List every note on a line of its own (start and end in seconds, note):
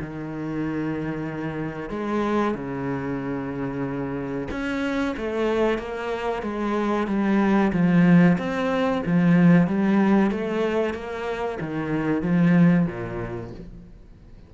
0.00 1.89 D#3
1.89 2.54 G#3
2.54 4.48 C#3
4.50 5.15 C#4
5.16 5.78 A3
5.78 6.42 A#3
6.42 7.07 G#3
7.07 7.72 G3
7.72 8.37 F3
8.38 9.02 C4
9.06 9.67 F3
9.67 10.30 G3
10.30 10.94 A3
10.94 11.58 A#3
11.60 12.22 D#3
12.22 12.86 F3
12.86 13.50 A#2